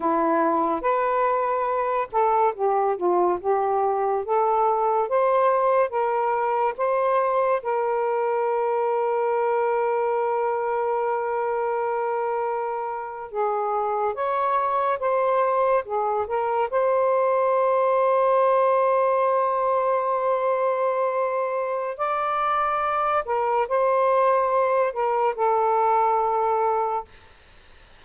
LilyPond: \new Staff \with { instrumentName = "saxophone" } { \time 4/4 \tempo 4 = 71 e'4 b'4. a'8 g'8 f'8 | g'4 a'4 c''4 ais'4 | c''4 ais'2.~ | ais'2.~ ais'8. gis'16~ |
gis'8. cis''4 c''4 gis'8 ais'8 c''16~ | c''1~ | c''2 d''4. ais'8 | c''4. ais'8 a'2 | }